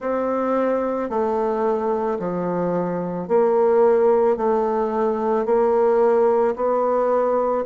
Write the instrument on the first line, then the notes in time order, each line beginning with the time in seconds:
bassoon
0.00 C4
1.09 A3
2.19 F3
3.27 A#3
4.36 A3
5.45 A#3
6.55 B3